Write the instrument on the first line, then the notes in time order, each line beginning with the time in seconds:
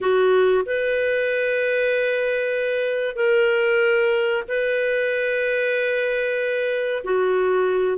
clarinet
0.01 F#4
0.65 B4
3.15 A#4
4.48 B4
7.04 F#4